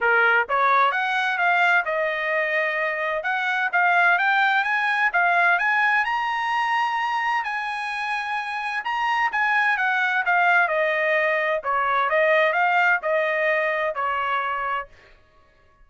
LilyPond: \new Staff \with { instrumentName = "trumpet" } { \time 4/4 \tempo 4 = 129 ais'4 cis''4 fis''4 f''4 | dis''2. fis''4 | f''4 g''4 gis''4 f''4 | gis''4 ais''2. |
gis''2. ais''4 | gis''4 fis''4 f''4 dis''4~ | dis''4 cis''4 dis''4 f''4 | dis''2 cis''2 | }